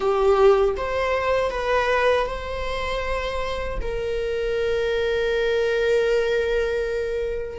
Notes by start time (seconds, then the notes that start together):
0.00 G4
0.76 C5
1.50 B4
2.26 C5
3.81 A#4